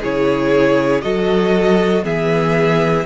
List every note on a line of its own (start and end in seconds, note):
0.00 1.04 C#3
0.00 1.03 E4
0.00 1.02 G#4
0.00 1.02 C#5
1.02 2.04 F#3
1.02 2.03 F#4
1.02 2.05 A4
1.02 2.03 D#5
2.03 3.06 E3
2.03 3.05 B3
2.03 3.06 G#4
2.03 3.06 E5